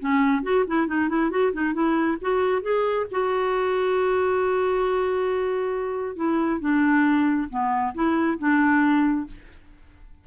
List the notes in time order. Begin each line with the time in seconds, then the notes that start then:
0.00 C#4
0.43 F#4
0.67 E4
0.88 D#4
1.09 E4
1.31 F#4
1.53 D#4
1.74 E4
2.21 F#4
2.62 G#4
3.11 F#4
6.16 E4
6.61 D4
7.50 B3
7.95 E4
8.39 D4